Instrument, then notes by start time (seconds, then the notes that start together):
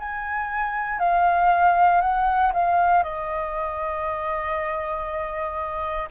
flute
0.00 G#5
0.99 F5
2.02 F#5
2.54 F5
3.04 D#5